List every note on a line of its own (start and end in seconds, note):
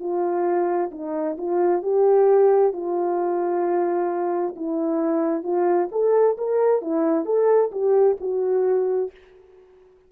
0.00 0.91 F4
0.92 1.37 D#4
1.38 1.83 F4
1.83 2.74 G4
2.74 4.55 F4
4.56 5.44 E4
5.44 5.89 F4
5.92 6.37 A4
6.38 6.82 A#4
6.82 7.26 E4
7.26 7.71 A4
7.72 8.17 G4
8.21 9.12 F#4